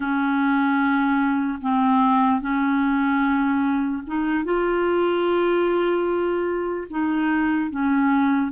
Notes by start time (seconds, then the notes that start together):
0.00 C#4
1.61 C4
2.40 C#4
4.06 D#4
4.44 F4
6.90 D#4
7.70 C#4